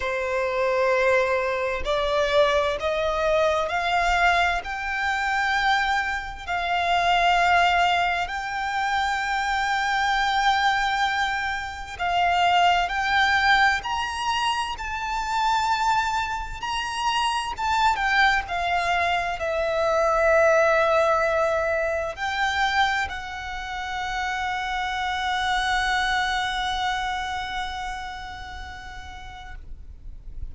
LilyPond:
\new Staff \with { instrumentName = "violin" } { \time 4/4 \tempo 4 = 65 c''2 d''4 dis''4 | f''4 g''2 f''4~ | f''4 g''2.~ | g''4 f''4 g''4 ais''4 |
a''2 ais''4 a''8 g''8 | f''4 e''2. | g''4 fis''2.~ | fis''1 | }